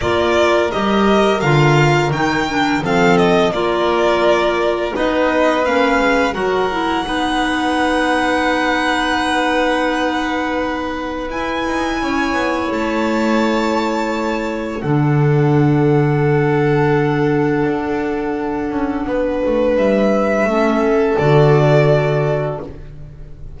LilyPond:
<<
  \new Staff \with { instrumentName = "violin" } { \time 4/4 \tempo 4 = 85 d''4 dis''4 f''4 g''4 | f''8 dis''8 d''2 dis''4 | f''4 fis''2.~ | fis''1 |
gis''2 a''2~ | a''4 fis''2.~ | fis''1 | e''2 d''2 | }
  \new Staff \with { instrumentName = "violin" } { \time 4/4 ais'1 | a'4 ais'2 b'4~ | b'4 ais'4 b'2~ | b'1~ |
b'4 cis''2.~ | cis''4 a'2.~ | a'2. b'4~ | b'4 a'2. | }
  \new Staff \with { instrumentName = "clarinet" } { \time 4/4 f'4 g'4 f'4 dis'8 d'8 | c'4 f'2 dis'4 | cis'4 fis'8 e'8 dis'2~ | dis'1 |
e'1~ | e'4 d'2.~ | d'1~ | d'4 cis'4 fis'2 | }
  \new Staff \with { instrumentName = "double bass" } { \time 4/4 ais4 g4 d4 dis4 | f4 ais2 b4 | ais8 gis8 fis4 b2~ | b1 |
e'8 dis'8 cis'8 b8 a2~ | a4 d2.~ | d4 d'4. cis'8 b8 a8 | g4 a4 d2 | }
>>